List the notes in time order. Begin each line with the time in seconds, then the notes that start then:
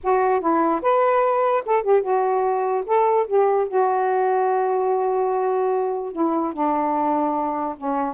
0.03 F#4
0.40 E4
0.82 B4
1.65 A4
1.82 G4
2.02 F#4
2.86 A4
3.27 G4
3.67 F#4
6.12 E4
6.53 D4
7.77 C#4